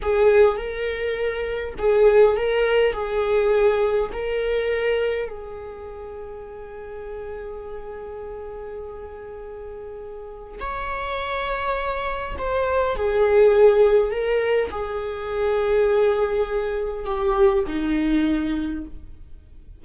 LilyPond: \new Staff \with { instrumentName = "viola" } { \time 4/4 \tempo 4 = 102 gis'4 ais'2 gis'4 | ais'4 gis'2 ais'4~ | ais'4 gis'2.~ | gis'1~ |
gis'2 cis''2~ | cis''4 c''4 gis'2 | ais'4 gis'2.~ | gis'4 g'4 dis'2 | }